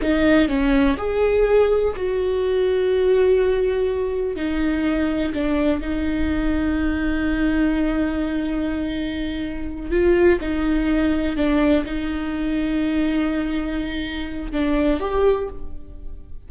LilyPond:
\new Staff \with { instrumentName = "viola" } { \time 4/4 \tempo 4 = 124 dis'4 cis'4 gis'2 | fis'1~ | fis'4 dis'2 d'4 | dis'1~ |
dis'1~ | dis'8 f'4 dis'2 d'8~ | d'8 dis'2.~ dis'8~ | dis'2 d'4 g'4 | }